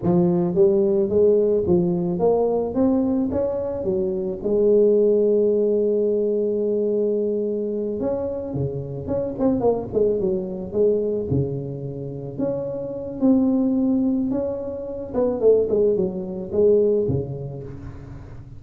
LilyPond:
\new Staff \with { instrumentName = "tuba" } { \time 4/4 \tempo 4 = 109 f4 g4 gis4 f4 | ais4 c'4 cis'4 fis4 | gis1~ | gis2~ gis8 cis'4 cis8~ |
cis8 cis'8 c'8 ais8 gis8 fis4 gis8~ | gis8 cis2 cis'4. | c'2 cis'4. b8 | a8 gis8 fis4 gis4 cis4 | }